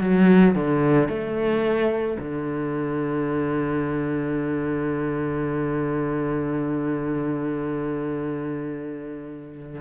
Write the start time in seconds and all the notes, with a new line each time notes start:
0.00 F#3
0.55 D3
1.08 A3
2.18 D3